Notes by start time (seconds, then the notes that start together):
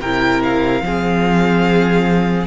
0.00 C3 E4 A#4 G5
0.43 F5
0.82 F3 C4 G#4